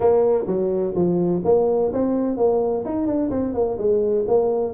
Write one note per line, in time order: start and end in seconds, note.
0.00 0.45 A#3
0.46 0.93 F#3
0.95 1.42 F3
1.44 1.91 A#3
1.92 2.36 C4
2.36 2.84 A#3
2.85 3.06 D#4
3.06 3.30 D4
3.30 3.53 C4
3.53 3.77 A#3
3.78 4.25 G#3
4.27 4.73 A#3